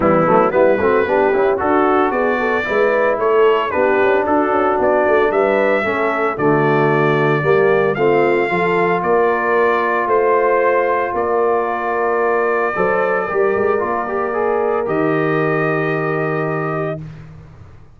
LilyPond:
<<
  \new Staff \with { instrumentName = "trumpet" } { \time 4/4 \tempo 4 = 113 e'4 b'2 a'4 | d''2 cis''4 b'4 | a'4 d''4 e''2 | d''2. f''4~ |
f''4 d''2 c''4~ | c''4 d''2.~ | d''1 | dis''1 | }
  \new Staff \with { instrumentName = "horn" } { \time 4/4 b4 e'8 fis'8 g'4 fis'4 | gis'8 a'8 b'4 a'4 g'4 | fis'2 b'4 a'4 | fis'2 g'4 f'4 |
a'4 ais'2 c''4~ | c''4 ais'2. | c''4 ais'2.~ | ais'1 | }
  \new Staff \with { instrumentName = "trombone" } { \time 4/4 g8 a8 b8 c'8 d'8 e'8 fis'4~ | fis'4 e'2 d'4~ | d'2. cis'4 | a2 ais4 c'4 |
f'1~ | f'1 | a'4 g'4 f'8 g'8 gis'4 | g'1 | }
  \new Staff \with { instrumentName = "tuba" } { \time 4/4 e8 fis8 g8 a8 b8 cis'8 d'4 | b4 gis4 a4 b8 cis'8 | d'8 cis'8 b8 a8 g4 a4 | d2 g4 a4 |
f4 ais2 a4~ | a4 ais2. | fis4 g8 gis8 ais2 | dis1 | }
>>